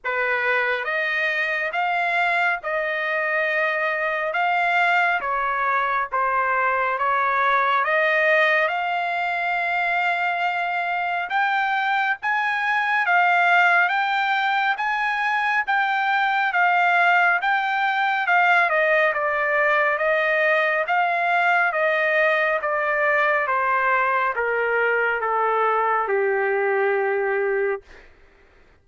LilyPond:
\new Staff \with { instrumentName = "trumpet" } { \time 4/4 \tempo 4 = 69 b'4 dis''4 f''4 dis''4~ | dis''4 f''4 cis''4 c''4 | cis''4 dis''4 f''2~ | f''4 g''4 gis''4 f''4 |
g''4 gis''4 g''4 f''4 | g''4 f''8 dis''8 d''4 dis''4 | f''4 dis''4 d''4 c''4 | ais'4 a'4 g'2 | }